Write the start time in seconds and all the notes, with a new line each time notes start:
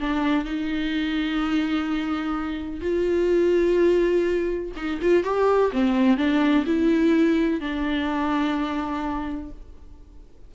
0.00 D4
0.45 D#4
2.81 F4
4.76 D#4
5.01 F4
5.24 G4
5.73 C4
6.17 D4
6.66 E4
7.60 D4